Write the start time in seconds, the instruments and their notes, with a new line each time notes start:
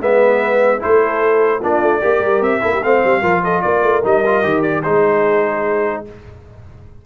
0.00 tuba G#3, trombone B3, horn B4, trumpet E5
0.79 tuba A3, trombone E4, horn A4, trumpet C5
1.60 tuba A#3, trombone D4, horn F4, trumpet D5
1.81 tuba A3
2.01 tuba A#3, trombone G4, horn A#4
2.20 tuba G3
2.41 tuba C4, trumpet E5
2.61 tuba A#3, trombone E4, horn A4
2.72 horn G4
2.83 tuba A3, trombone C4, horn C5, trumpet F5
3.04 tuba G3
3.21 tuba F3, trombone F4, horn A#4
3.43 horn A4, trumpet D#5
3.61 tuba A#3, horn A#4, trumpet D5
3.83 tuba A3
4.03 tuba G3, trombone D#4, trumpet D#5
4.25 trombone F4
4.42 tuba D#3, trombone G4
4.62 trumpet D5
4.82 tuba G#3, trombone D#4, horn G#4, trumpet C5